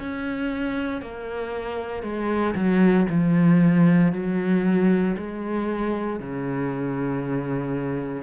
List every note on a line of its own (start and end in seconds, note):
0.00 1.02 C#4
1.02 2.03 A#3
2.03 2.54 G#3
2.55 3.07 F#3
3.10 4.12 F3
4.12 5.16 F#3
5.17 6.20 G#3
6.20 8.23 C#3